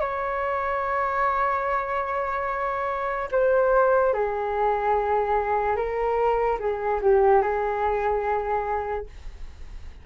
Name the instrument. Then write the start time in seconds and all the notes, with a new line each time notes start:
flute
0.00 C#5
3.31 C5
4.13 G#4
5.76 A#4
6.59 G#4
7.02 G4
7.42 G#4